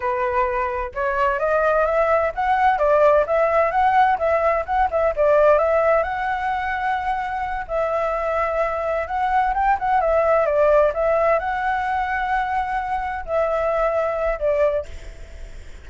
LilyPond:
\new Staff \with { instrumentName = "flute" } { \time 4/4 \tempo 4 = 129 b'2 cis''4 dis''4 | e''4 fis''4 d''4 e''4 | fis''4 e''4 fis''8 e''8 d''4 | e''4 fis''2.~ |
fis''8 e''2. fis''8~ | fis''8 g''8 fis''8 e''4 d''4 e''8~ | e''8 fis''2.~ fis''8~ | fis''8 e''2~ e''8 d''4 | }